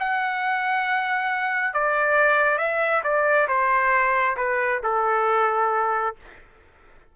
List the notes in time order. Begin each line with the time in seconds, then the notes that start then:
0.00 F#5
1.74 D5
2.58 E5
3.04 D5
3.48 C5
4.37 B4
4.83 A4